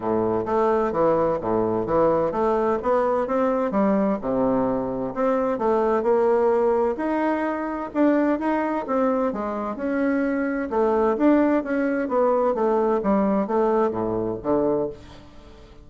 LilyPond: \new Staff \with { instrumentName = "bassoon" } { \time 4/4 \tempo 4 = 129 a,4 a4 e4 a,4 | e4 a4 b4 c'4 | g4 c2 c'4 | a4 ais2 dis'4~ |
dis'4 d'4 dis'4 c'4 | gis4 cis'2 a4 | d'4 cis'4 b4 a4 | g4 a4 a,4 d4 | }